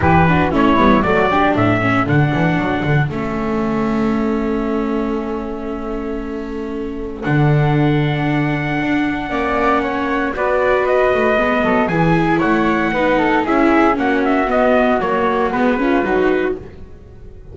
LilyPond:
<<
  \new Staff \with { instrumentName = "trumpet" } { \time 4/4 \tempo 4 = 116 b'4 cis''4 d''4 e''4 | fis''2 e''2~ | e''1~ | e''2 fis''2~ |
fis''1 | d''4 dis''2 gis''4 | fis''2 e''4 fis''8 e''8 | dis''4 cis''4 b'2 | }
  \new Staff \with { instrumentName = "flute" } { \time 4/4 g'8 fis'8 e'4 fis'8 g'8 a'4~ | a'1~ | a'1~ | a'1~ |
a'2 d''4 cis''4 | b'2~ b'8 a'8 gis'4 | cis''4 b'8 a'8 gis'4 fis'4~ | fis'2~ fis'8 f'8 fis'4 | }
  \new Staff \with { instrumentName = "viola" } { \time 4/4 e'8 d'8 cis'8 b8 a8 d'4 cis'8 | d'2 cis'2~ | cis'1~ | cis'2 d'2~ |
d'2 cis'2 | fis'2 b4 e'4~ | e'4 dis'4 e'4 cis'4 | b4 ais4 b8 cis'8 dis'4 | }
  \new Staff \with { instrumentName = "double bass" } { \time 4/4 e4 a8 g8 fis4 a,4 | d8 e8 fis8 d8 a2~ | a1~ | a2 d2~ |
d4 d'4 ais2 | b4. a8 gis8 fis8 e4 | a4 b4 cis'4 ais4 | b4 fis4 gis4 fis4 | }
>>